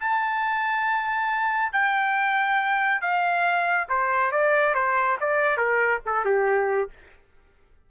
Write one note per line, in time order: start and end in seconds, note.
0.00 1.72 A5
1.72 3.01 G5
3.01 3.88 F5
3.89 4.32 C5
4.32 4.74 D5
4.74 5.17 C5
5.20 5.57 D5
5.57 6.00 A#4
6.05 6.25 A4
6.25 6.89 G4